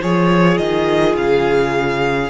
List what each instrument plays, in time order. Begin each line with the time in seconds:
0.00 cello F3, viola F4, violin G#4 C#5
0.58 cello D#3, violin D#5
1.16 cello C#3, violin F5